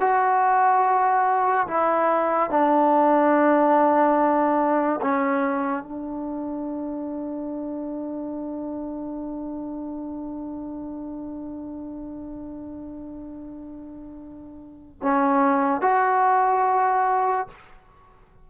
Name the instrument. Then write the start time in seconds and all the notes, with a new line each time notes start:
trombone
0.00 F#4
1.67 E4
2.50 D4
5.02 C#4
5.83 D4
15.02 C#4
15.81 F#4